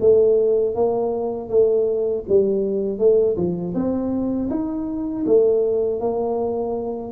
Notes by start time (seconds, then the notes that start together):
0.00 A3
0.75 A#3
1.49 A3
2.29 G3
2.99 A3
3.36 F3
3.74 C4
4.50 D#4
5.26 A3
6.00 A#3